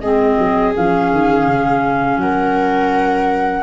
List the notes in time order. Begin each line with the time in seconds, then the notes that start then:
0.00 G#3 C4 G#4 D#5
0.38 F#3
0.74 F3 C#4 F5
1.12 D#3
1.46 C#3
2.17 F#3 A#4 F#5